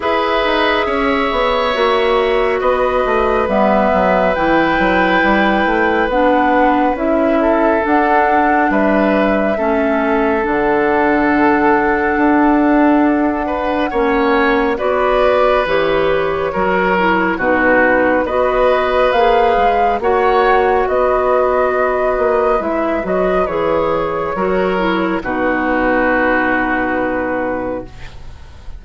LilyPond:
<<
  \new Staff \with { instrumentName = "flute" } { \time 4/4 \tempo 4 = 69 e''2. dis''4 | e''4 g''2 fis''4 | e''4 fis''4 e''2 | fis''1~ |
fis''4 d''4 cis''2 | b'4 dis''4 f''4 fis''4 | dis''2 e''8 dis''8 cis''4~ | cis''4 b'2. | }
  \new Staff \with { instrumentName = "oboe" } { \time 4/4 b'4 cis''2 b'4~ | b'1~ | b'8 a'4. b'4 a'4~ | a'2.~ a'8 b'8 |
cis''4 b'2 ais'4 | fis'4 b'2 cis''4 | b'1 | ais'4 fis'2. | }
  \new Staff \with { instrumentName = "clarinet" } { \time 4/4 gis'2 fis'2 | b4 e'2 d'4 | e'4 d'2 cis'4 | d'1 |
cis'4 fis'4 g'4 fis'8 e'8 | dis'4 fis'4 gis'4 fis'4~ | fis'2 e'8 fis'8 gis'4 | fis'8 e'8 dis'2. | }
  \new Staff \with { instrumentName = "bassoon" } { \time 4/4 e'8 dis'8 cis'8 b8 ais4 b8 a8 | g8 fis8 e8 fis8 g8 a8 b4 | cis'4 d'4 g4 a4 | d2 d'2 |
ais4 b4 e4 fis4 | b,4 b4 ais8 gis8 ais4 | b4. ais8 gis8 fis8 e4 | fis4 b,2. | }
>>